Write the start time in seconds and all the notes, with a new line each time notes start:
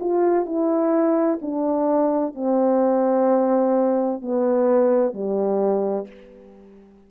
0.00 F4
0.46 E4
1.42 D4
2.34 C4
4.21 B3
5.13 G3